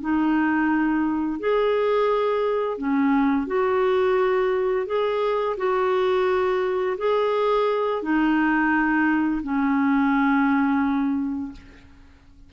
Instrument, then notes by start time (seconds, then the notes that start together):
clarinet
0.00 D#4
1.39 G#4
2.77 C#4
3.47 F#4
4.86 G#4
5.57 F#4
6.97 G#4
8.02 D#4
9.43 C#4